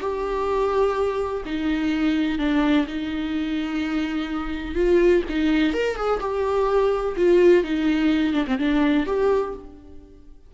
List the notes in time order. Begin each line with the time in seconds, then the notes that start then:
0.00 G4
1.45 D#4
2.38 D4
2.87 D#4
4.74 F4
5.29 D#4
5.73 A#4
5.96 G#4
6.20 G4
7.16 F4
7.63 D#4
8.33 D4
8.47 C4
8.58 D4
9.06 G4